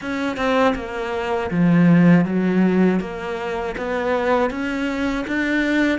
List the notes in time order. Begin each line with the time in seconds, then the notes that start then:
0.01 C#4
0.36 C4
0.75 A#3
1.50 F3
2.25 F#3
3.00 A#3
3.77 B3
4.50 C#4
5.27 D4